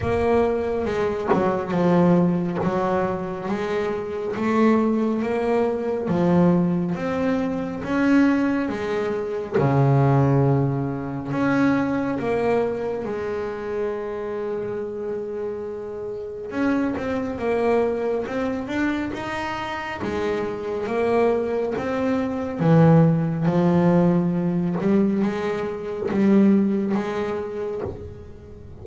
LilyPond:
\new Staff \with { instrumentName = "double bass" } { \time 4/4 \tempo 4 = 69 ais4 gis8 fis8 f4 fis4 | gis4 a4 ais4 f4 | c'4 cis'4 gis4 cis4~ | cis4 cis'4 ais4 gis4~ |
gis2. cis'8 c'8 | ais4 c'8 d'8 dis'4 gis4 | ais4 c'4 e4 f4~ | f8 g8 gis4 g4 gis4 | }